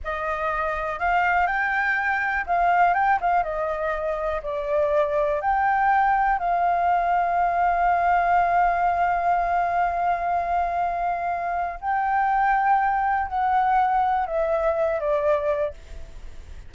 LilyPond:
\new Staff \with { instrumentName = "flute" } { \time 4/4 \tempo 4 = 122 dis''2 f''4 g''4~ | g''4 f''4 g''8 f''8 dis''4~ | dis''4 d''2 g''4~ | g''4 f''2.~ |
f''1~ | f''1 | g''2. fis''4~ | fis''4 e''4. d''4. | }